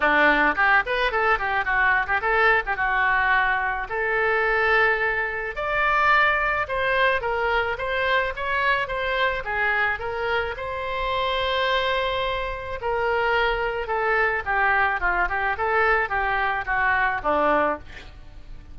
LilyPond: \new Staff \with { instrumentName = "oboe" } { \time 4/4 \tempo 4 = 108 d'4 g'8 b'8 a'8 g'8 fis'8. g'16 | a'8. g'16 fis'2 a'4~ | a'2 d''2 | c''4 ais'4 c''4 cis''4 |
c''4 gis'4 ais'4 c''4~ | c''2. ais'4~ | ais'4 a'4 g'4 f'8 g'8 | a'4 g'4 fis'4 d'4 | }